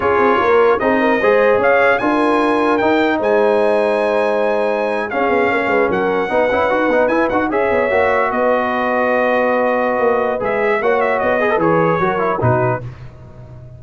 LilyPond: <<
  \new Staff \with { instrumentName = "trumpet" } { \time 4/4 \tempo 4 = 150 cis''2 dis''2 | f''4 gis''2 g''4 | gis''1~ | gis''8. f''2 fis''4~ fis''16~ |
fis''4.~ fis''16 gis''8 fis''8 e''4~ e''16~ | e''8. dis''2.~ dis''16~ | dis''2 e''4 fis''8 e''8 | dis''4 cis''2 b'4 | }
  \new Staff \with { instrumentName = "horn" } { \time 4/4 gis'4 ais'4 gis'8 ais'8 c''4 | cis''4 ais'2. | c''1~ | c''8. gis'4 cis''8 b'8 ais'4 b'16~ |
b'2~ b'8. cis''4~ cis''16~ | cis''8. b'2.~ b'16~ | b'2. cis''4~ | cis''8 b'4. ais'4 fis'4 | }
  \new Staff \with { instrumentName = "trombone" } { \time 4/4 f'2 dis'4 gis'4~ | gis'4 f'2 dis'4~ | dis'1~ | dis'8. cis'2. dis'16~ |
dis'16 e'8 fis'8 dis'8 e'8 fis'8 gis'4 fis'16~ | fis'1~ | fis'2 gis'4 fis'4~ | fis'8 gis'16 a'16 gis'4 fis'8 e'8 dis'4 | }
  \new Staff \with { instrumentName = "tuba" } { \time 4/4 cis'8 c'8 ais4 c'4 gis4 | cis'4 d'2 dis'4 | gis1~ | gis8. cis'8 b8 ais8 gis8 fis4 b16~ |
b16 cis'8 dis'8 b8 e'8 dis'8 cis'8 b8 ais16~ | ais8. b2.~ b16~ | b4 ais4 gis4 ais4 | b4 e4 fis4 b,4 | }
>>